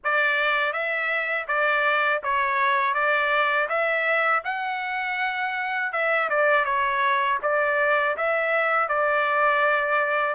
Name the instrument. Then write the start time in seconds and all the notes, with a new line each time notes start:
trumpet
0.04 D5
0.72 E5
1.47 D5
2.23 C#5
2.94 D5
3.68 E5
4.44 F#5
5.92 E5
6.29 D5
6.64 C#5
7.42 D5
8.16 E5
8.88 D5